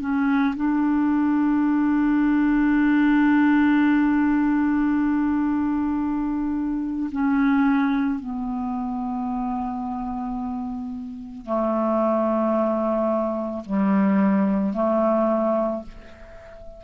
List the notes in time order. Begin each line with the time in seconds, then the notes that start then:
0.00 C#4
0.56 D4
7.12 C#4
8.20 B3
11.45 A3
13.66 G3
14.74 A3